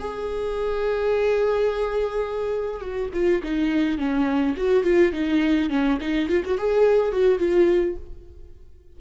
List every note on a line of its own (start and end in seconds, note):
0.00 2.82 G#4
2.82 3.10 F#4
3.14 3.42 F4
3.44 3.98 D#4
3.98 4.56 C#4
4.57 4.84 F#4
4.84 5.13 F4
5.13 5.70 D#4
5.70 5.99 C#4
6.01 6.29 D#4
6.29 6.44 F4
6.45 6.58 F#4
6.58 7.12 G#4
7.12 7.39 F#4
7.39 7.97 F4